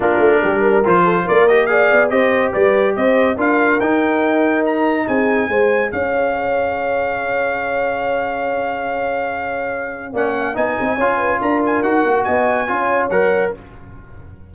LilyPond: <<
  \new Staff \with { instrumentName = "trumpet" } { \time 4/4 \tempo 4 = 142 ais'2 c''4 d''8 dis''8 | f''4 dis''4 d''4 dis''4 | f''4 g''2 ais''4 | gis''2 f''2~ |
f''1~ | f''1 | fis''4 gis''2 ais''8 gis''8 | fis''4 gis''2 fis''4 | }
  \new Staff \with { instrumentName = "horn" } { \time 4/4 f'4 g'8 ais'4 a'8 ais'4 | d''4 c''4 b'4 c''4 | ais'1 | gis'4 c''4 cis''2~ |
cis''1~ | cis''1 | d''8 f''8 dis''4 cis''8 b'8 ais'4~ | ais'4 dis''4 cis''2 | }
  \new Staff \with { instrumentName = "trombone" } { \time 4/4 d'2 f'4. g'8 | gis'4 g'2. | f'4 dis'2.~ | dis'4 gis'2.~ |
gis'1~ | gis'1 | cis'4 dis'4 f'2 | fis'2 f'4 ais'4 | }
  \new Staff \with { instrumentName = "tuba" } { \time 4/4 ais8 a8 g4 f4 ais4~ | ais8 b8 c'4 g4 c'4 | d'4 dis'2. | c'4 gis4 cis'2~ |
cis'1~ | cis'1 | ais4 b8 c'8 cis'4 d'4 | dis'8 ais8 b4 cis'4 fis4 | }
>>